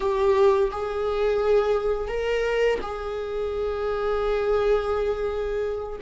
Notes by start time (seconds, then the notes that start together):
0.00 G4
0.71 G#4
2.08 A#4
2.81 G#4